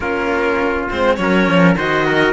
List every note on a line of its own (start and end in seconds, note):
0.00 0.87 A#3
0.00 0.89 C#4
0.00 1.18 F4
0.00 0.85 A#4
0.89 1.19 G#3
0.89 1.18 C4
0.89 1.15 C5
1.15 1.47 F#3
1.15 1.77 C#4
1.15 1.74 C#5
1.22 1.77 A#4
1.47 1.76 F3
1.76 2.33 D#3
1.76 2.33 F#4
1.76 2.06 C5
1.76 2.33 D#5
2.06 2.33 A#4